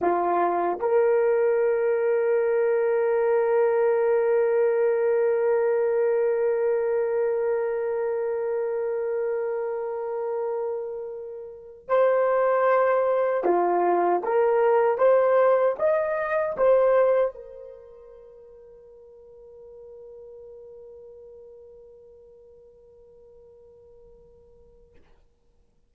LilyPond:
\new Staff \with { instrumentName = "horn" } { \time 4/4 \tempo 4 = 77 f'4 ais'2.~ | ais'1~ | ais'1~ | ais'2.~ ais'16 c''8.~ |
c''4~ c''16 f'4 ais'4 c''8.~ | c''16 dis''4 c''4 ais'4.~ ais'16~ | ais'1~ | ais'1 | }